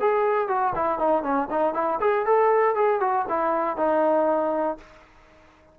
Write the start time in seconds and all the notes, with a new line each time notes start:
0.00 G#4
0.48 F#4
0.75 E4
0.99 D#4
1.23 C#4
1.51 D#4
1.74 E4
2.00 G#4
2.26 A4
2.75 G#4
3.00 F#4
3.29 E4
3.77 D#4